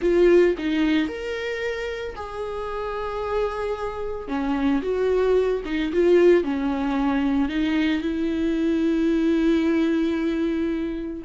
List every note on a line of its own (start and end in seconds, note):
0.01 0.55 F4
0.58 1.08 D#4
1.08 2.15 A#4
2.15 4.28 G#4
4.28 4.81 C#4
4.82 5.62 F#4
5.65 5.92 D#4
5.92 6.43 F4
6.43 7.49 C#4
7.49 8.01 D#4
8.01 11.22 E4